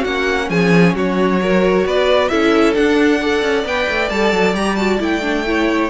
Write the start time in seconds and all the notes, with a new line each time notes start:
0.00 A#3 C#4 F#4 F#5
0.49 F3 G#4 G#5
0.94 F#3 F#4 C#5
1.42 F#4 A#4
1.86 B3 B4 D5
2.28 C#4 E4 A4 E5
2.74 D4 F#5
3.20 A4 D5
3.42 C#4
3.64 B3 B4 G5
3.88 A3
4.09 G3 A4 A5
4.32 F#3
4.54 G3 G4 A#5
4.76 F#4 A5
4.99 A3 E4 G5
5.22 D4
5.47 E4 C#5